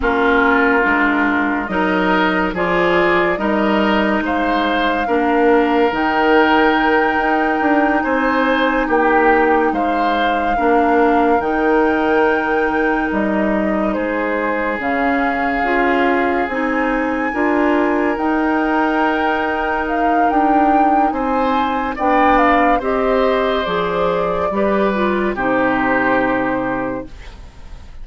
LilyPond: <<
  \new Staff \with { instrumentName = "flute" } { \time 4/4 \tempo 4 = 71 ais'2 dis''4 d''4 | dis''4 f''2 g''4~ | g''4. gis''4 g''4 f''8~ | f''4. g''2 dis''8~ |
dis''8 c''4 f''2 gis''8~ | gis''4. g''2 f''8 | g''4 gis''4 g''8 f''8 dis''4 | d''2 c''2 | }
  \new Staff \with { instrumentName = "oboe" } { \time 4/4 f'2 ais'4 gis'4 | ais'4 c''4 ais'2~ | ais'4. c''4 g'4 c''8~ | c''8 ais'2.~ ais'8~ |
ais'8 gis'2.~ gis'8~ | gis'8 ais'2.~ ais'8~ | ais'4 c''4 d''4 c''4~ | c''4 b'4 g'2 | }
  \new Staff \with { instrumentName = "clarinet" } { \time 4/4 cis'4 d'4 dis'4 f'4 | dis'2 d'4 dis'4~ | dis'1~ | dis'8 d'4 dis'2~ dis'8~ |
dis'4. cis'4 f'4 dis'8~ | dis'8 f'4 dis'2~ dis'8~ | dis'2 d'4 g'4 | gis'4 g'8 f'8 dis'2 | }
  \new Staff \with { instrumentName = "bassoon" } { \time 4/4 ais4 gis4 fis4 f4 | g4 gis4 ais4 dis4~ | dis8 dis'8 d'8 c'4 ais4 gis8~ | gis8 ais4 dis2 g8~ |
g8 gis4 cis4 cis'4 c'8~ | c'8 d'4 dis'2~ dis'8 | d'4 c'4 b4 c'4 | f4 g4 c2 | }
>>